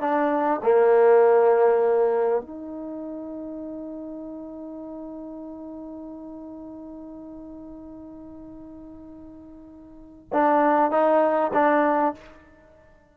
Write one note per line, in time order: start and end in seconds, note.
0.00 0.61 D4
0.63 2.42 A#3
2.42 10.29 D#4
10.33 10.91 D4
10.91 11.52 D#4
11.53 12.14 D4